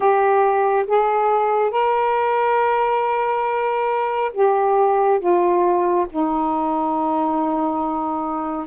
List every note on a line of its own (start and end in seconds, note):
0.00 0.85 G4
0.87 1.70 G#4
1.70 4.31 A#4
4.33 5.19 G4
5.19 6.06 F4
6.09 8.66 D#4